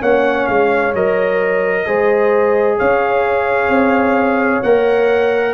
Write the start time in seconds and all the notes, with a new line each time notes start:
0.00 A#3 C#4 C#5 F#5
0.47 G#3 F5
0.93 F#3 A#4 D#5
1.86 G#3 G#4 C5
2.79 C#4 C#5 F5
3.68 C4
4.62 A#3 A#4 F#5